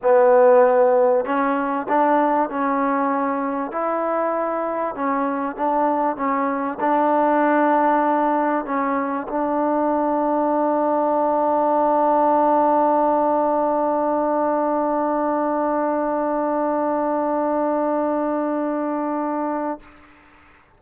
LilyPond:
\new Staff \with { instrumentName = "trombone" } { \time 4/4 \tempo 4 = 97 b2 cis'4 d'4 | cis'2 e'2 | cis'4 d'4 cis'4 d'4~ | d'2 cis'4 d'4~ |
d'1~ | d'1~ | d'1~ | d'1 | }